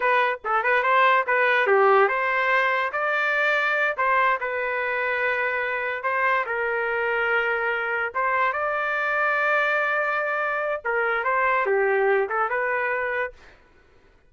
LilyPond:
\new Staff \with { instrumentName = "trumpet" } { \time 4/4 \tempo 4 = 144 b'4 a'8 b'8 c''4 b'4 | g'4 c''2 d''4~ | d''4. c''4 b'4.~ | b'2~ b'8 c''4 ais'8~ |
ais'2.~ ais'8 c''8~ | c''8 d''2.~ d''8~ | d''2 ais'4 c''4 | g'4. a'8 b'2 | }